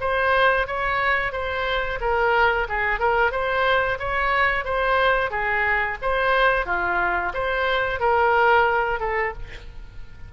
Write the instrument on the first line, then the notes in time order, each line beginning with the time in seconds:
oboe
0.00 C5
0.67 C#5
1.32 C5
2.00 A#4
2.68 G#4
2.99 A#4
3.31 C5
3.99 C#5
4.64 C5
5.31 G#4
6.01 C5
6.66 F4
7.34 C5
8.00 A#4
8.99 A4